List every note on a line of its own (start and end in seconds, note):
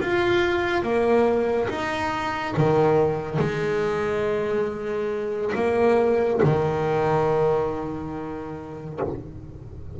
0.00 0.82 F4
0.82 1.68 A#3
1.69 2.54 D#4
2.57 3.38 D#3
3.38 5.52 G#3
5.55 6.41 A#3
6.43 9.00 D#3